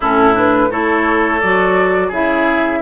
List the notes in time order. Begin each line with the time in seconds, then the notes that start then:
0.00 A2 C#4 E4 A4
0.34 D4 B4
0.70 A3 E4 A4 C#5
1.40 F#3 F#4 D5
2.08 C#3 E4 G#4 E5